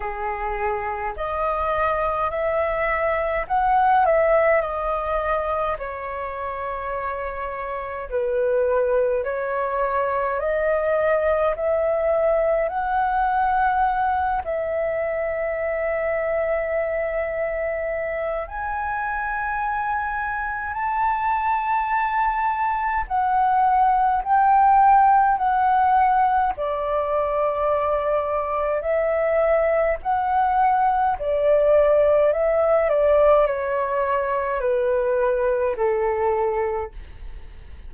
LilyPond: \new Staff \with { instrumentName = "flute" } { \time 4/4 \tempo 4 = 52 gis'4 dis''4 e''4 fis''8 e''8 | dis''4 cis''2 b'4 | cis''4 dis''4 e''4 fis''4~ | fis''8 e''2.~ e''8 |
gis''2 a''2 | fis''4 g''4 fis''4 d''4~ | d''4 e''4 fis''4 d''4 | e''8 d''8 cis''4 b'4 a'4 | }